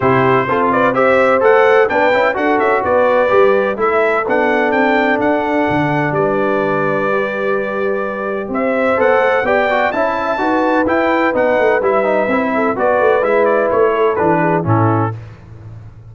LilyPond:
<<
  \new Staff \with { instrumentName = "trumpet" } { \time 4/4 \tempo 4 = 127 c''4. d''8 e''4 fis''4 | g''4 fis''8 e''8 d''2 | e''4 fis''4 g''4 fis''4~ | fis''4 d''2.~ |
d''2 e''4 fis''4 | g''4 a''2 g''4 | fis''4 e''2 d''4 | e''8 d''8 cis''4 b'4 a'4 | }
  \new Staff \with { instrumentName = "horn" } { \time 4/4 g'4 a'8 b'8 c''2 | b'4 a'4 b'2 | a'1~ | a'4 b'2.~ |
b'2 c''2 | d''4 e''4 b'2~ | b'2~ b'8 a'8 b'4~ | b'4. a'4 gis'8 e'4 | }
  \new Staff \with { instrumentName = "trombone" } { \time 4/4 e'4 f'4 g'4 a'4 | d'8 e'8 fis'2 g'4 | e'4 d'2.~ | d'2. g'4~ |
g'2. a'4 | g'8 fis'8 e'4 fis'4 e'4 | dis'4 e'8 dis'8 e'4 fis'4 | e'2 d'4 cis'4 | }
  \new Staff \with { instrumentName = "tuba" } { \time 4/4 c4 c'2 a4 | b8 cis'8 d'8 cis'8 b4 g4 | a4 b4 c'4 d'4 | d4 g2.~ |
g2 c'4 b8 a8 | b4 cis'4 dis'4 e'4 | b8 a8 g4 c'4 b8 a8 | gis4 a4 e4 a,4 | }
>>